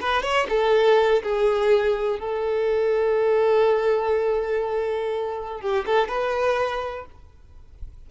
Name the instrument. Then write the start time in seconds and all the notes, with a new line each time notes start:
violin
0.00 B4
0.22 C#5
0.49 A4
1.23 G#4
2.19 A4
5.60 G4
5.86 A4
6.08 B4